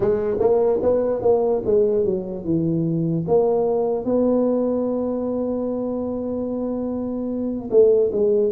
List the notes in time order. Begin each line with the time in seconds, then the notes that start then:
0.00 G#3
0.39 A#3
0.82 B3
1.21 A#3
1.65 G#3
2.04 F#3
2.44 E3
3.27 A#3
4.04 B3
7.70 A3
8.12 G#3